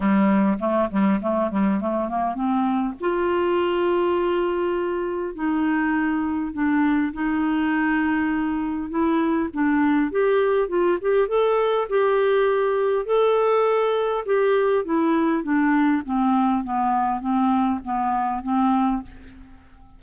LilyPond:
\new Staff \with { instrumentName = "clarinet" } { \time 4/4 \tempo 4 = 101 g4 a8 g8 a8 g8 a8 ais8 | c'4 f'2.~ | f'4 dis'2 d'4 | dis'2. e'4 |
d'4 g'4 f'8 g'8 a'4 | g'2 a'2 | g'4 e'4 d'4 c'4 | b4 c'4 b4 c'4 | }